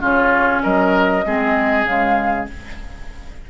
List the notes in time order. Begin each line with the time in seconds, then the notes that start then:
0.00 C#3 C#4 F4 C#5
0.63 F#3 A#4 D#5
1.25 G#3 C4 G#4
1.85 C#3 G#3 F5